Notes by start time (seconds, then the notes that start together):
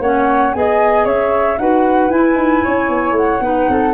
0.00 A#3 C#4 C#5 F#5
0.54 B3 G#4 D#5 G#5
1.06 C#4 C#5 E5
1.58 D#4 F#4 B4 F#5
2.10 E4 G#5
2.35 D#4
2.64 C#4 C#5
2.89 B3
3.12 A3 F#5
3.41 B3 D#4 B4
3.69 C4 A4